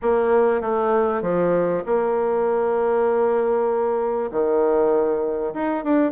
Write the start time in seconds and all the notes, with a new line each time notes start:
0.02 A#3
0.61 A3
1.22 F3
1.86 A#3
4.31 D#3
5.54 D#4
5.83 D4